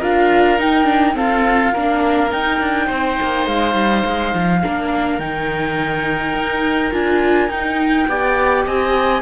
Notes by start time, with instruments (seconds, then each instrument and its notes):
0.00 cello D4, viola F4, oboe A#4, flute F5
0.58 viola D#4, cello D#4, flute G5
0.84 viola D4
1.14 viola C4, cello F4, oboe A4, flute F5
1.73 cello A#3, viola D4, oboe A#4
2.30 viola D#4, cello D#4, flute G5
2.60 cello D4
2.87 cello C4, oboe C5
3.22 cello A#3
3.47 cello G#3, flute F5
3.75 cello G3
4.06 cello G#3
4.34 cello F3
4.63 cello A#3, viola D4, oboe A#4
5.19 cello D#3, viola D#4, flute G5
6.34 cello D#4
6.92 cello D4, viola F4, flute G#5
7.49 cello D#4, viola D#4, flute G5
8.08 cello B3, viola G4, oboe D5
8.65 cello C4, oboe D#5, flute G#5